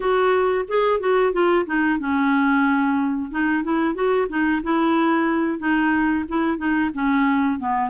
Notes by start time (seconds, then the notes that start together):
0.00 F#4
0.67 G#4
1.00 F#4
1.32 F4
1.66 D#4
1.99 C#4
3.30 D#4
3.63 E4
3.94 F#4
4.28 D#4
4.63 E4
5.59 D#4
6.28 E4
6.57 D#4
6.94 C#4
7.59 B3